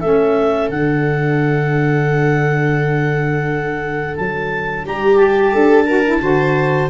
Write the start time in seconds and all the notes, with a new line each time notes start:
0.00 A3 C#4 A4 E5
0.69 D3 D4 F#5
4.16 F#3 A5
4.86 G3 G4 A#5
5.16 G4 A5
5.52 D4 A4
5.85 F#4 A#4
6.05 E4
6.22 D3 F#4 C5